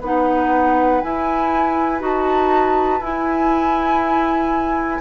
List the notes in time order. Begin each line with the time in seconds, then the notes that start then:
0.00 B3 D#4 B4 F#5
1.01 E4 G#5
1.99 D#4 F#4 A5
3.00 E4 G#5